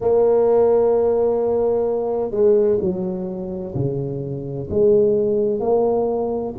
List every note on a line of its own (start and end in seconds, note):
0.00 2.31 A#3
2.31 2.77 G#3
2.80 3.74 F#3
3.74 4.68 C#3
4.70 5.60 G#3
5.60 6.54 A#3